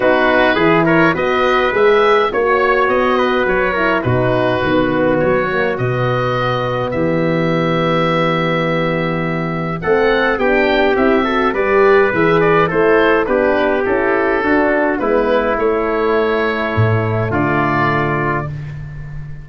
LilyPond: <<
  \new Staff \with { instrumentName = "oboe" } { \time 4/4 \tempo 4 = 104 b'4. cis''8 dis''4 e''4 | cis''4 dis''4 cis''4 b'4~ | b'4 cis''4 dis''2 | e''1~ |
e''4 fis''4 g''4 e''4 | d''4 e''8 d''8 c''4 b'4 | a'2 b'4 cis''4~ | cis''2 d''2 | }
  \new Staff \with { instrumentName = "trumpet" } { \time 4/4 fis'4 gis'8 ais'8 b'2 | cis''4. b'4 ais'8 fis'4~ | fis'1 | g'1~ |
g'4 a'4 g'4. a'8 | b'2 a'4 g'4~ | g'4 fis'4 e'2~ | e'2 f'2 | }
  \new Staff \with { instrumentName = "horn" } { \time 4/4 dis'4 e'4 fis'4 gis'4 | fis'2~ fis'8 e'8 dis'4 | b4. ais8 b2~ | b1~ |
b4 c'4 d'4 e'8 fis'8 | g'4 gis'4 e'4 d'4 | e'4 d'4 b4 a4~ | a1 | }
  \new Staff \with { instrumentName = "tuba" } { \time 4/4 b4 e4 b4 gis4 | ais4 b4 fis4 b,4 | dis4 fis4 b,2 | e1~ |
e4 a4 b4 c'4 | g4 e4 a4 b4 | cis'4 d'4 gis4 a4~ | a4 a,4 d2 | }
>>